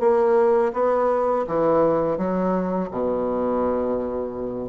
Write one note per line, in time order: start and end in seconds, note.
0.00 0.72 A#3
0.73 1.46 B3
1.47 2.17 E3
2.17 2.89 F#3
2.91 4.69 B2